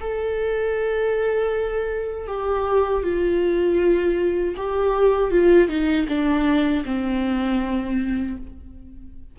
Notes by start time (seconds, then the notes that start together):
0.00 A4
2.27 G4
3.03 F4
4.56 G4
5.31 F4
5.68 D#4
6.08 D4
6.85 C4